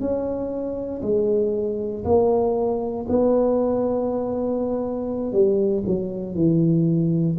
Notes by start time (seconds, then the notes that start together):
0.00 C#4
1.02 G#3
2.04 A#3
3.09 B3
5.32 G3
5.86 F#3
6.35 E3